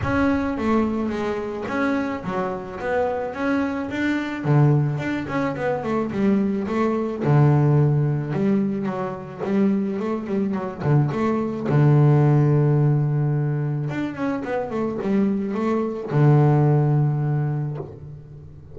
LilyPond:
\new Staff \with { instrumentName = "double bass" } { \time 4/4 \tempo 4 = 108 cis'4 a4 gis4 cis'4 | fis4 b4 cis'4 d'4 | d4 d'8 cis'8 b8 a8 g4 | a4 d2 g4 |
fis4 g4 a8 g8 fis8 d8 | a4 d2.~ | d4 d'8 cis'8 b8 a8 g4 | a4 d2. | }